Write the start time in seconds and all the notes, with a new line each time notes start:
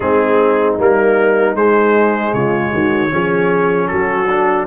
0.00 G#3 C4 D#4 G#4
0.78 G3 A#3 A#4
1.55 G#3 C5
2.33 C#3 F4 C#5
2.71 D#3 F#4
3.10 F3 C#4 G#4
3.87 F#3 F#4 A4
4.29 D4